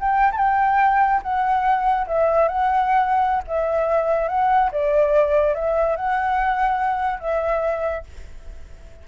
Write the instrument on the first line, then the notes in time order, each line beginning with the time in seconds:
flute
0.00 G5
0.32 G5 A5
1.22 F#5
2.07 E5
2.48 F#5
3.47 E5
4.28 F#5
4.71 D5
5.55 E5
5.96 F#5
7.20 E5